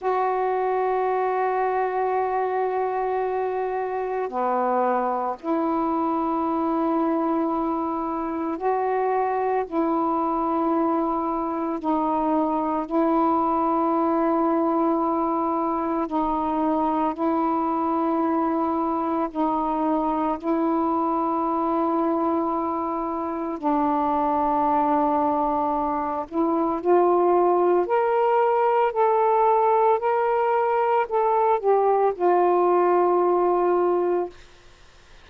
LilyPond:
\new Staff \with { instrumentName = "saxophone" } { \time 4/4 \tempo 4 = 56 fis'1 | b4 e'2. | fis'4 e'2 dis'4 | e'2. dis'4 |
e'2 dis'4 e'4~ | e'2 d'2~ | d'8 e'8 f'4 ais'4 a'4 | ais'4 a'8 g'8 f'2 | }